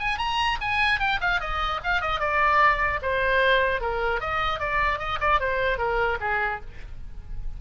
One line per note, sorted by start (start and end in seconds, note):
0.00 0.18 G#5
0.18 0.58 A#5
0.61 1.00 G#5
1.00 1.20 G5
1.21 1.41 F5
1.41 1.81 D#5
1.84 2.02 F5
2.02 2.21 D#5
2.21 3.01 D5
3.03 3.81 C5
3.81 4.21 A#4
4.21 4.60 D#5
4.60 4.99 D5
4.99 5.19 D#5
5.21 5.40 D5
5.40 5.79 C5
5.79 6.19 A#4
6.21 6.61 G#4